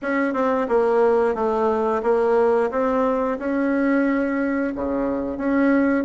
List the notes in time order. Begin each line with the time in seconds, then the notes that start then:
0.02 C#4
0.33 C4
0.68 A#3
1.34 A3
2.02 A#3
2.70 C4
3.38 C#4
4.75 C#3
5.37 C#4